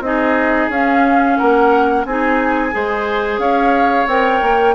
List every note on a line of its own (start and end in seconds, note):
0.00 0.67 C4
0.00 0.71 D#4
0.00 0.70 D#5
0.06 1.38 G#4
0.69 1.36 C#4
0.69 2.06 C#4
0.69 1.37 F5
1.37 2.05 A#3
1.37 2.05 A#4
1.37 2.04 F#5
2.05 2.72 C4
2.05 2.71 D#4
2.05 2.74 G#4
2.05 3.39 G#5
2.71 3.38 G#3
2.71 4.06 G#4
2.71 3.40 C5
3.38 4.05 C#4
3.38 4.75 C#5
3.38 4.07 F5
4.07 4.40 C4
4.07 4.75 A#4
4.07 4.75 G5
4.42 4.75 A#3